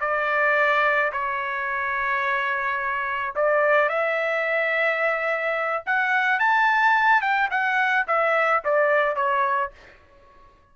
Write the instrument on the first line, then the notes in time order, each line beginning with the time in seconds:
trumpet
0.00 D5
1.12 C#5
3.35 D5
3.89 E5
5.86 F#5
6.39 A5
7.21 G5
7.50 F#5
8.07 E5
8.64 D5
9.15 C#5